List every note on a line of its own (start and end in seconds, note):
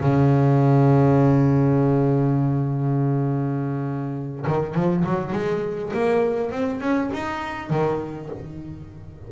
0.00 4.46 C#3
4.47 4.74 D#3
4.74 5.04 F3
5.05 5.32 F#3
5.32 5.92 G#3
5.94 6.51 A#3
6.51 6.80 C4
6.80 7.10 C#4
7.13 7.70 D#4
7.70 8.29 D#3